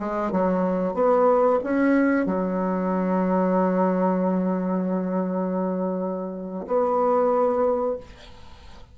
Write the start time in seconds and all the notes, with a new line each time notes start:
0.00 G#3
0.32 F#3
0.95 B3
1.64 C#4
2.26 F#3
6.67 B3